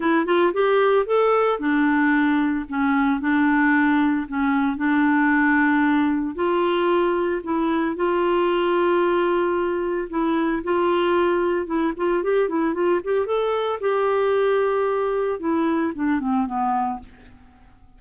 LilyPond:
\new Staff \with { instrumentName = "clarinet" } { \time 4/4 \tempo 4 = 113 e'8 f'8 g'4 a'4 d'4~ | d'4 cis'4 d'2 | cis'4 d'2. | f'2 e'4 f'4~ |
f'2. e'4 | f'2 e'8 f'8 g'8 e'8 | f'8 g'8 a'4 g'2~ | g'4 e'4 d'8 c'8 b4 | }